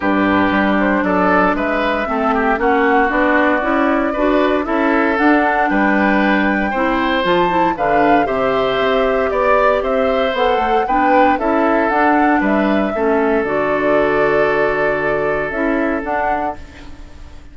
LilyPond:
<<
  \new Staff \with { instrumentName = "flute" } { \time 4/4 \tempo 4 = 116 b'4. c''8 d''4 e''4~ | e''4 fis''4 d''2~ | d''4 e''4 fis''4 g''4~ | g''2 a''4 f''4 |
e''2 d''4 e''4 | fis''4 g''4 e''4 fis''4 | e''2 d''2~ | d''2 e''4 fis''4 | }
  \new Staff \with { instrumentName = "oboe" } { \time 4/4 g'2 a'4 b'4 | a'8 g'8 fis'2. | b'4 a'2 b'4~ | b'4 c''2 b'4 |
c''2 d''4 c''4~ | c''4 b'4 a'2 | b'4 a'2.~ | a'1 | }
  \new Staff \with { instrumentName = "clarinet" } { \time 4/4 d'1 | c'4 cis'4 d'4 e'4 | fis'4 e'4 d'2~ | d'4 e'4 f'8 e'8 d'4 |
g'1 | a'4 d'4 e'4 d'4~ | d'4 cis'4 fis'2~ | fis'2 e'4 d'4 | }
  \new Staff \with { instrumentName = "bassoon" } { \time 4/4 g,4 g4 fis4 gis4 | a4 ais4 b4 cis'4 | d'4 cis'4 d'4 g4~ | g4 c'4 f4 d4 |
c4 c'4 b4 c'4 | b8 a8 b4 cis'4 d'4 | g4 a4 d2~ | d2 cis'4 d'4 | }
>>